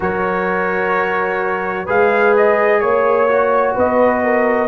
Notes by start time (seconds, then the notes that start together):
0.00 F#3 F#4 A#4 C#5
1.85 G#3 G#4 B4 F5
2.37 D#5
2.80 A#3 C#5
3.28 F#4
3.75 B3 B4 D#5
4.24 A#4